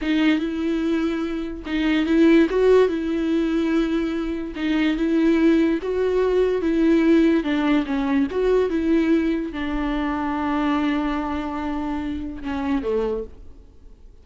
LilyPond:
\new Staff \with { instrumentName = "viola" } { \time 4/4 \tempo 4 = 145 dis'4 e'2. | dis'4 e'4 fis'4 e'4~ | e'2. dis'4 | e'2 fis'2 |
e'2 d'4 cis'4 | fis'4 e'2 d'4~ | d'1~ | d'2 cis'4 a4 | }